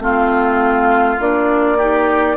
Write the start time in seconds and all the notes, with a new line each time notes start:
0.00 A3 C4 F4 F5
1.19 A#3 D4 D5
1.78 D#4 G4